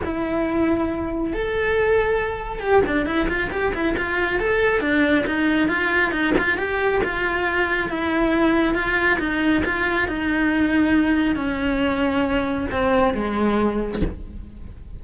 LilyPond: \new Staff \with { instrumentName = "cello" } { \time 4/4 \tempo 4 = 137 e'2. a'4~ | a'2 g'8 d'8 e'8 f'8 | g'8 e'8 f'4 a'4 d'4 | dis'4 f'4 dis'8 f'8 g'4 |
f'2 e'2 | f'4 dis'4 f'4 dis'4~ | dis'2 cis'2~ | cis'4 c'4 gis2 | }